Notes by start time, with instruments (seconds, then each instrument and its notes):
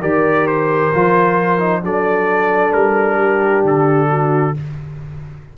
0.00 tuba D#3, trombone G4, horn A#4, trumpet D5
0.47 trumpet C5
0.93 tuba F3, trombone F4
1.59 trombone D#4
1.82 tuba F#3, trombone D4, horn A4, trumpet D5
2.72 tuba G3, trumpet A#4
3.16 horn G4
3.63 tuba D3, trumpet A4
4.09 horn F#4